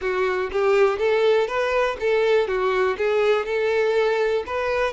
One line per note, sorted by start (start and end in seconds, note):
0.01 0.50 F#4
0.51 0.98 G4
0.98 1.47 A4
1.47 1.96 B4
1.99 2.47 A4
2.47 2.96 F#4
2.97 3.45 G#4
3.45 4.44 A4
4.46 4.93 B4